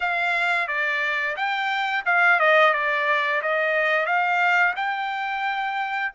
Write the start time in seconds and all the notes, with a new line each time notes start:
0.00 F5
0.67 D5
1.36 G5
2.05 F5
2.39 D#5
2.73 D5
3.42 D#5
4.06 F5
4.76 G5